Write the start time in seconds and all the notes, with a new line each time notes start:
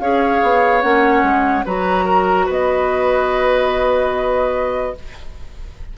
0.00 C#4 G#4 C#5 F5
0.43 B3
0.82 A#3 C#4 F#5
1.23 G#3
1.66 F#3 F#4 B4 A#5
2.05 A#4
2.46 B3 B4 D#5